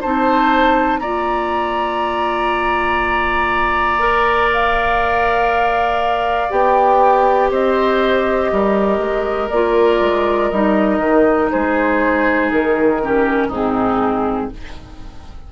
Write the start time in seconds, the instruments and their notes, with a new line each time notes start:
0.00 bassoon C4, clarinet D#4, oboe C5, flute A5
0.99 bassoon A#3, clarinet F4, oboe D5, flute A#5
3.99 clarinet A#4
4.53 flute F5
6.50 bassoon B3, clarinet G4, flute G5
7.50 bassoon C4, oboe C5, flute D#5
8.51 bassoon G3, oboe A#4
8.98 bassoon G#3
9.49 bassoon A#3, clarinet F4, flute D5
10.00 bassoon G#3
10.49 bassoon G3, clarinet D#4, flute D#5
10.98 bassoon D#3
11.51 bassoon G#3, oboe G#4, flute C5
12.51 bassoon D#3, flute A#4
13.01 clarinet C#4, oboe G4
13.47 bassoon G#2, clarinet C4, oboe D#4, flute G#4